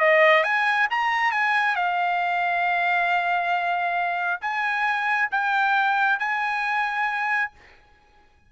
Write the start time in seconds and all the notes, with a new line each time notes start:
0.00 D#5
0.44 G#5
0.91 A#5
1.32 G#5
1.76 F5
4.42 G#5
5.32 G5
6.20 G#5